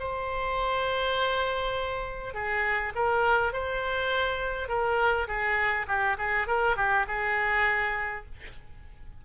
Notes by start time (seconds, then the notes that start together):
0.00 C5
2.34 G#4
2.95 A#4
3.53 C5
4.68 A#4
5.28 G#4
5.88 G4
6.18 G#4
6.48 A#4
6.77 G4
7.08 G#4